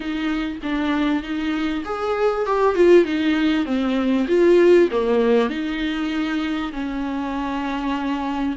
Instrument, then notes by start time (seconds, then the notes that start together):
viola
0.00 D#4
0.63 D4
1.22 D#4
1.85 G#4
2.45 G4
2.75 F4
3.04 D#4
3.65 C4
4.28 F4
4.91 A#3
5.49 D#4
6.72 C#4